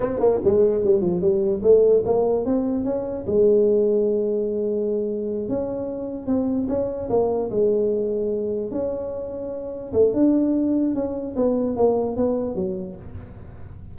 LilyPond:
\new Staff \with { instrumentName = "tuba" } { \time 4/4 \tempo 4 = 148 c'8 ais8 gis4 g8 f8 g4 | a4 ais4 c'4 cis'4 | gis1~ | gis4. cis'2 c'8~ |
c'8 cis'4 ais4 gis4.~ | gis4. cis'2~ cis'8~ | cis'8 a8 d'2 cis'4 | b4 ais4 b4 fis4 | }